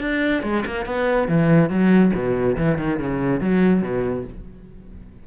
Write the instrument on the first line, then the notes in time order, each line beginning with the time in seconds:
cello
0.00 D4
0.42 G#3
0.66 A#3
0.85 B3
1.27 E3
1.69 F#3
2.14 B2
2.57 E3
2.78 D#3
2.99 C#3
3.40 F#3
3.81 B2